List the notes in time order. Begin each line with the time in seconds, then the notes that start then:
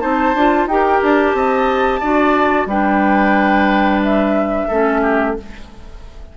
0.00 C4 D#4 C5 A5
0.34 D4 F4
0.66 D#4 G4 G5
0.73 A#4
1.02 D4 A5
1.34 C4 D#5
2.00 D4 F#4 D5
2.66 G3 D4 B4 G5
4.03 E5
4.68 A3 C#4 A4
5.02 G4